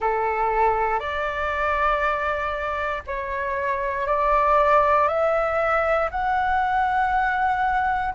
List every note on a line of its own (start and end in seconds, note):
0.00 0.99 A4
0.99 3.02 D5
3.06 4.07 C#5
4.07 5.08 D5
5.08 6.09 E5
6.10 8.14 F#5